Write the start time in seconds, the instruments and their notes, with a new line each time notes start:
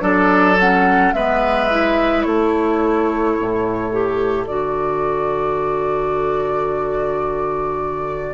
0.00 bassoon F#3, clarinet D4, oboe A4, flute D5
0.59 clarinet C#4, flute F#5
1.13 bassoon G#3, clarinet B3, oboe B4, flute E5
1.70 clarinet E4
2.22 bassoon A3, oboe A4, flute C#5
3.39 bassoon A2
3.92 clarinet G4
4.45 bassoon D3, clarinet F#4, flute D5